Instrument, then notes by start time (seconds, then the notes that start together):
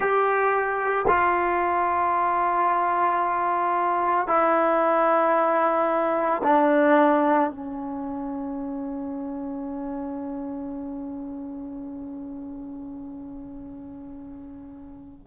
trombone
0.00 G4
1.07 F4
4.27 E4
6.43 D4
7.50 C#4